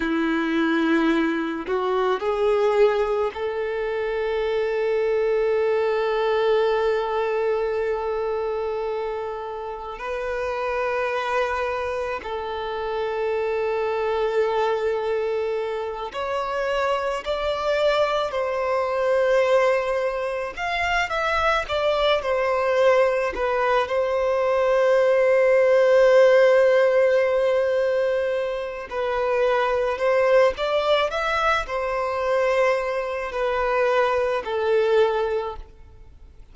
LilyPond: \new Staff \with { instrumentName = "violin" } { \time 4/4 \tempo 4 = 54 e'4. fis'8 gis'4 a'4~ | a'1~ | a'4 b'2 a'4~ | a'2~ a'8 cis''4 d''8~ |
d''8 c''2 f''8 e''8 d''8 | c''4 b'8 c''2~ c''8~ | c''2 b'4 c''8 d''8 | e''8 c''4. b'4 a'4 | }